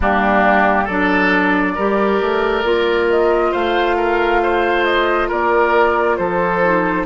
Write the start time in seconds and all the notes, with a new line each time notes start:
0.00 G3 A#3 D4 G4
0.84 F#3 D4 A4 D5
1.75 G3 G4 A#4
2.21 A3
2.63 A#3 F4
3.09 D#5
3.51 A3 C5 F5
3.97 A#4
4.42 C5
4.84 D#5
5.28 A#3 A#4 D5
6.16 F3 A4 C5
6.63 D#4